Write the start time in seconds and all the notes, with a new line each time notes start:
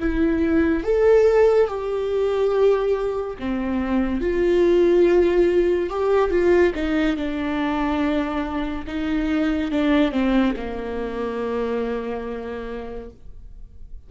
0.00 E4
0.84 A4
1.68 G4
3.40 C4
4.21 F4
5.90 G4
6.31 F4
6.75 D#4
7.17 D4
8.87 D#4
9.72 D4
10.12 C4
10.57 A#3